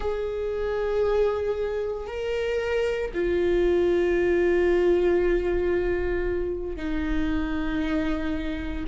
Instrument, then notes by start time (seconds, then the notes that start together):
viola
0.00 G#4
2.07 A#4
3.13 F4
6.76 D#4